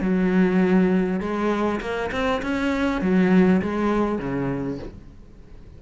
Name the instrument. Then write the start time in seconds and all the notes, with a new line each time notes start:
cello
0.00 F#3
1.20 G#3
1.80 A#3
2.11 C4
2.42 C#4
3.01 F#3
3.62 G#3
4.18 C#3